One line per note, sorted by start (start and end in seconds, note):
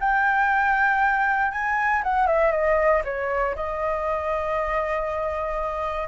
0.00 1.52 G5
1.52 2.02 G#5
2.03 2.27 F#5
2.27 2.52 E5
2.52 3.03 D#5
3.04 3.55 C#5
3.55 6.08 D#5